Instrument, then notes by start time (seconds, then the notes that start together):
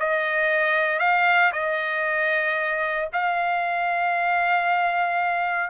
trumpet
0.00 D#5
1.00 F5
1.53 D#5
3.14 F5